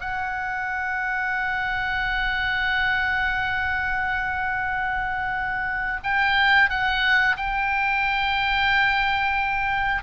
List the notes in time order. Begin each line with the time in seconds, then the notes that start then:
0.00 F#5
6.03 G5
6.69 F#5
7.36 G5